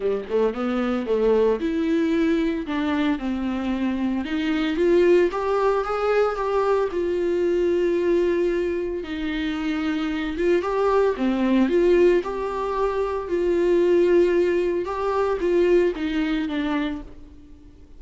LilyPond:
\new Staff \with { instrumentName = "viola" } { \time 4/4 \tempo 4 = 113 g8 a8 b4 a4 e'4~ | e'4 d'4 c'2 | dis'4 f'4 g'4 gis'4 | g'4 f'2.~ |
f'4 dis'2~ dis'8 f'8 | g'4 c'4 f'4 g'4~ | g'4 f'2. | g'4 f'4 dis'4 d'4 | }